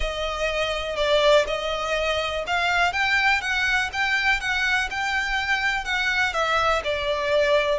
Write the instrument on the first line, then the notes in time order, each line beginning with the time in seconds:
violin
0.00 D#5
0.96 D5
1.47 D#5
2.46 F5
2.92 G5
3.41 F#5
3.92 G5
4.40 F#5
4.90 G5
5.84 F#5
6.33 E5
6.84 D5